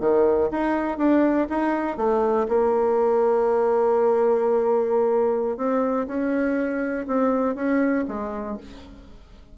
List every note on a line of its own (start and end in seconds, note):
0.00 0.50 D#3
0.51 0.98 D#4
0.98 1.47 D4
1.49 1.97 D#4
1.97 2.46 A3
2.48 5.57 A#3
5.57 6.06 C4
6.07 7.06 C#4
7.07 7.55 C4
7.55 8.04 C#4
8.08 8.57 G#3